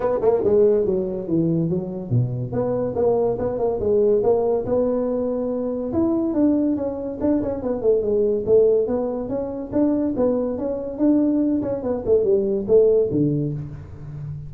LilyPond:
\new Staff \with { instrumentName = "tuba" } { \time 4/4 \tempo 4 = 142 b8 ais8 gis4 fis4 e4 | fis4 b,4 b4 ais4 | b8 ais8 gis4 ais4 b4~ | b2 e'4 d'4 |
cis'4 d'8 cis'8 b8 a8 gis4 | a4 b4 cis'4 d'4 | b4 cis'4 d'4. cis'8 | b8 a8 g4 a4 d4 | }